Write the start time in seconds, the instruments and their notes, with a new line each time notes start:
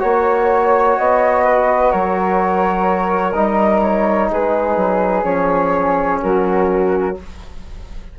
0.00 bassoon A#3, trombone F#4, flute C#5
0.98 bassoon B3, flute D#5
1.45 flute B4
1.92 bassoon F#3, flute A#4 C#5
3.33 bassoon G3, trombone D#4, flute D#5
3.82 flute C#5
4.31 bassoon G#3, flute G#4 B4
4.77 bassoon F#3
5.24 bassoon F3, trombone C#4, flute C#5
6.22 bassoon F#3, flute F#4 A#4